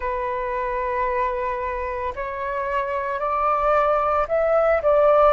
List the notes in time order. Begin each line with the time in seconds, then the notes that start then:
0.00 B4
2.15 C#5
3.19 D5
4.28 E5
4.82 D5